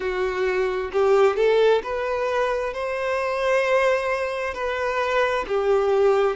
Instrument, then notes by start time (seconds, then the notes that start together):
violin
0.00 F#4
0.92 G4
1.36 A4
1.83 B4
2.73 C5
4.54 B4
5.48 G4